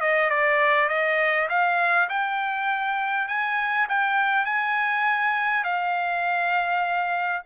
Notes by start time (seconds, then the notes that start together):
0.00 D#5
0.30 D5
0.89 D#5
1.49 F5
2.09 G5
3.28 G#5
3.89 G5
4.45 G#5
5.64 F5